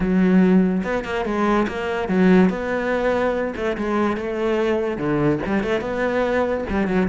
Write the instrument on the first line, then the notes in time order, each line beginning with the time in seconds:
cello
0.00 F#3
0.83 B3
1.04 A#3
1.25 G#3
1.68 A#3
2.08 F#3
2.49 B3
3.55 A3
3.77 G#3
4.16 A3
4.97 D3
5.46 G3
5.63 A3
5.80 B3
6.69 G3
6.87 F#3